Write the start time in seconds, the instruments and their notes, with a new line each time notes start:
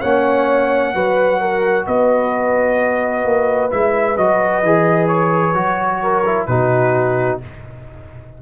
0.00 tuba A#3, trombone C#4, horn C#5, trumpet F#5
0.94 tuba F#3, trombone F#4, horn B4
1.40 horn A#4
1.86 tuba B3, horn B4, trumpet D#5
3.24 tuba A#3
3.70 tuba G#3, trombone E4, trumpet E5
4.17 tuba F#3, trombone F#4, trumpet D#5
4.62 tuba E3, trombone G#4
5.07 trumpet C#5
5.54 tuba F#3, trombone F#4
6.02 horn A#4
6.25 trombone E4
6.46 tuba B2, trombone D#4, horn F#4, trumpet B4